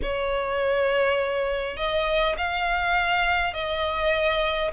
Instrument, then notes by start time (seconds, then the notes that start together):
violin
0.02 C#5
1.76 D#5
2.37 F5
3.53 D#5